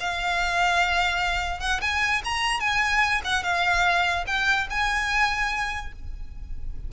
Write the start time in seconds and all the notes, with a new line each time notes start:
0.00 F5
1.60 F#5
1.81 G#5
2.25 A#5
2.60 G#5
3.24 F#5
3.43 F5
4.27 G5
4.70 G#5